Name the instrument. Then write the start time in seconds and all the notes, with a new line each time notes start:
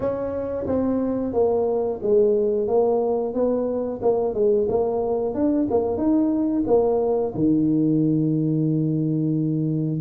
tuba
0.00 C#4
0.67 C4
1.33 A#3
2.02 G#3
2.67 A#3
3.33 B3
4.02 A#3
4.33 G#3
4.68 A#3
5.34 D4
5.70 A#3
5.97 D#4
6.67 A#3
7.34 D#3